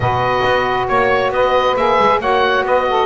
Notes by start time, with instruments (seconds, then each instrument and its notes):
0.00 double bass B2, saxophone F#4 B4, oboe D#5
0.44 double bass B3
0.88 double bass A#3, oboe C#5, saxophone C#5
1.30 double bass B3, saxophone B4, oboe D#5
1.76 double bass A#3, saxophone G#4, oboe E5
1.99 double bass G#3
2.19 double bass A#3, saxophone F#4 C#5, oboe F#5
2.63 double bass B3, saxophone B4, oboe D#5
2.89 saxophone A4